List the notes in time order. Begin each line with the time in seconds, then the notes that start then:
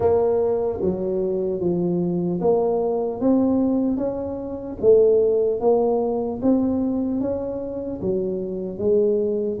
0.00 A#3
0.81 F#3
1.60 F3
2.40 A#3
3.20 C4
3.97 C#4
4.80 A3
5.60 A#3
6.42 C4
7.20 C#4
8.01 F#3
8.78 G#3